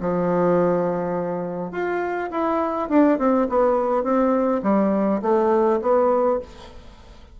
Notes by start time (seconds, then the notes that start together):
0.00 F3
1.71 F4
2.31 E4
2.89 D4
3.18 C4
3.49 B3
4.03 C4
4.63 G3
5.22 A3
5.81 B3